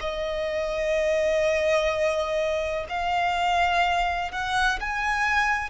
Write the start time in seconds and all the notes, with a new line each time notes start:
0.00 D#5
2.89 F5
4.31 F#5
4.80 G#5